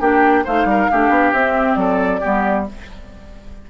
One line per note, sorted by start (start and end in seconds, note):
0.00 0.44 A#3
0.00 0.45 D4
0.00 0.44 G4
0.00 0.45 G5
0.44 0.65 A3
0.44 0.91 D#4
0.44 0.66 C5
0.44 1.33 F5
0.65 0.87 G3
0.65 0.91 A#4
0.91 1.09 A3
0.91 1.35 D4
0.91 1.79 G4
1.09 1.31 B3
1.32 1.76 C4
1.32 2.22 C4
1.32 1.74 E5
1.74 2.20 F#3
1.74 2.20 A4
1.74 2.63 D5
2.20 2.70 G3
2.20 2.66 B3
2.20 2.65 G4